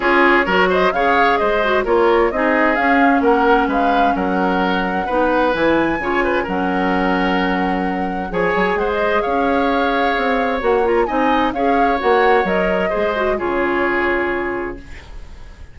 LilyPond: <<
  \new Staff \with { instrumentName = "flute" } { \time 4/4 \tempo 4 = 130 cis''4. dis''8 f''4 dis''4 | cis''4 dis''4 f''4 fis''4 | f''4 fis''2. | gis''2 fis''2~ |
fis''2 gis''4 fis''16 dis''8. | f''2. fis''8 ais''8 | gis''4 f''4 fis''4 dis''4~ | dis''4 cis''2. | }
  \new Staff \with { instrumentName = "oboe" } { \time 4/4 gis'4 ais'8 c''8 cis''4 c''4 | ais'4 gis'2 ais'4 | b'4 ais'2 b'4~ | b'4 cis''8 b'8 ais'2~ |
ais'2 cis''4 c''4 | cis''1 | dis''4 cis''2. | c''4 gis'2. | }
  \new Staff \with { instrumentName = "clarinet" } { \time 4/4 f'4 fis'4 gis'4. fis'8 | f'4 dis'4 cis'2~ | cis'2. dis'4 | e'4 f'4 cis'2~ |
cis'2 gis'2~ | gis'2. fis'8 f'8 | dis'4 gis'4 fis'4 ais'4 | gis'8 fis'8 f'2. | }
  \new Staff \with { instrumentName = "bassoon" } { \time 4/4 cis'4 fis4 cis4 gis4 | ais4 c'4 cis'4 ais4 | gis4 fis2 b4 | e4 cis4 fis2~ |
fis2 f8 fis8 gis4 | cis'2 c'4 ais4 | c'4 cis'4 ais4 fis4 | gis4 cis2. | }
>>